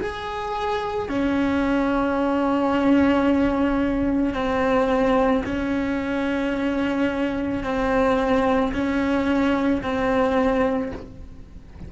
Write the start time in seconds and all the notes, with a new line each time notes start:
0.00 G#4
1.08 C#4
4.33 C4
5.45 C#4
7.63 C4
8.72 C#4
9.82 C4